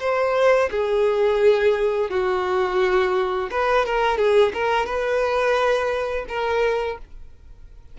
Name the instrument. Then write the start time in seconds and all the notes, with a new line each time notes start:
violin
0.00 C5
0.71 G#4
2.11 F#4
3.51 B4
3.86 A#4
4.18 G#4
4.54 A#4
4.86 B4
6.29 A#4